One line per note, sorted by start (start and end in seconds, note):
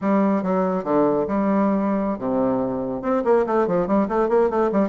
0.01 0.43 G3
0.43 0.84 F#3
0.84 1.25 D3
1.27 2.18 G3
2.18 3.02 C3
3.02 3.23 C4
3.24 3.45 A#3
3.46 3.67 A3
3.67 3.87 F3
3.87 4.08 G3
4.08 4.29 A3
4.29 4.50 A#3
4.50 4.71 A3
4.72 4.89 G3